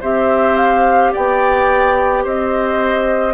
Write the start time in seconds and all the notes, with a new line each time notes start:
0.00 C4 G4 C5 E5
0.56 F5
1.12 B3 D5 G5
2.23 C4 C5 D#5